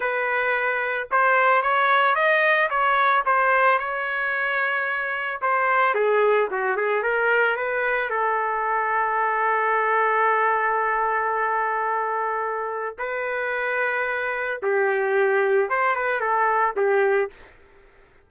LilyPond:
\new Staff \with { instrumentName = "trumpet" } { \time 4/4 \tempo 4 = 111 b'2 c''4 cis''4 | dis''4 cis''4 c''4 cis''4~ | cis''2 c''4 gis'4 | fis'8 gis'8 ais'4 b'4 a'4~ |
a'1~ | a'1 | b'2. g'4~ | g'4 c''8 b'8 a'4 g'4 | }